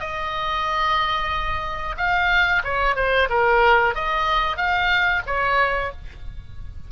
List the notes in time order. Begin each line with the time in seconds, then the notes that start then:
0.00 D#5
1.97 F5
2.64 C#5
2.96 C5
3.30 A#4
3.95 D#5
4.57 F5
5.26 C#5